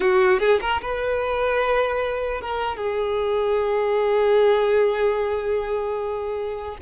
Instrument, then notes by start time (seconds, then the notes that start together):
violin
0.00 F#4
0.39 G#4
0.61 A#4
0.81 B4
2.41 A#4
2.77 G#4